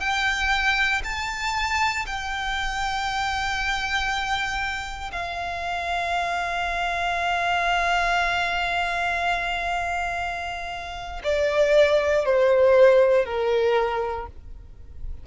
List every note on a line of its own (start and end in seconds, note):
0.00 1.02 G5
1.04 2.06 A5
2.06 5.11 G5
5.12 11.22 F5
11.23 12.25 D5
12.25 13.25 C5
13.25 14.27 A#4